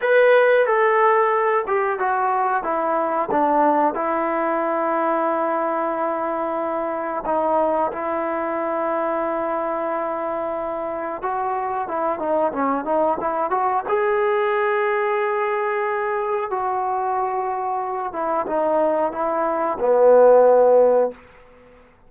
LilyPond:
\new Staff \with { instrumentName = "trombone" } { \time 4/4 \tempo 4 = 91 b'4 a'4. g'8 fis'4 | e'4 d'4 e'2~ | e'2. dis'4 | e'1~ |
e'4 fis'4 e'8 dis'8 cis'8 dis'8 | e'8 fis'8 gis'2.~ | gis'4 fis'2~ fis'8 e'8 | dis'4 e'4 b2 | }